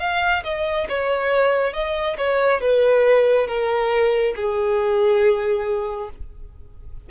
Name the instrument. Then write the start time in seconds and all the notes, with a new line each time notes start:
violin
0.00 F5
0.44 D#5
0.89 C#5
1.73 D#5
2.18 C#5
2.61 B4
3.47 A#4
4.36 G#4